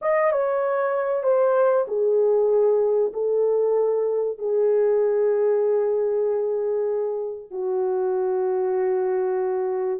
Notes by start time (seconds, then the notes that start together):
0.01 D#5
0.32 C#5
1.23 C5
1.87 G#4
3.13 A4
4.38 G#4
7.51 F#4